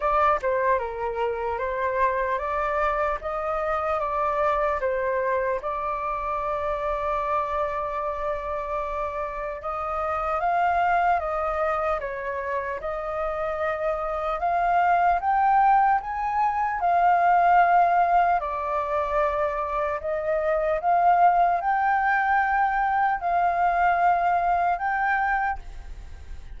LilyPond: \new Staff \with { instrumentName = "flute" } { \time 4/4 \tempo 4 = 75 d''8 c''8 ais'4 c''4 d''4 | dis''4 d''4 c''4 d''4~ | d''1 | dis''4 f''4 dis''4 cis''4 |
dis''2 f''4 g''4 | gis''4 f''2 d''4~ | d''4 dis''4 f''4 g''4~ | g''4 f''2 g''4 | }